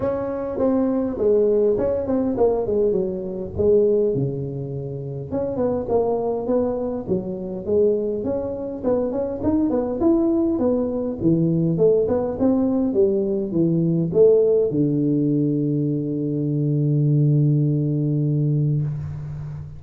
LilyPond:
\new Staff \with { instrumentName = "tuba" } { \time 4/4 \tempo 4 = 102 cis'4 c'4 gis4 cis'8 c'8 | ais8 gis8 fis4 gis4 cis4~ | cis4 cis'8 b8 ais4 b4 | fis4 gis4 cis'4 b8 cis'8 |
dis'8 b8 e'4 b4 e4 | a8 b8 c'4 g4 e4 | a4 d2.~ | d1 | }